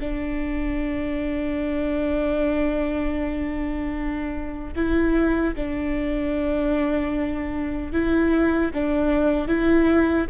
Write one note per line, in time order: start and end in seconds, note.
0.00 4.74 D4
4.75 5.54 E4
5.56 7.92 D4
7.92 8.71 E4
8.74 9.48 D4
9.48 10.27 E4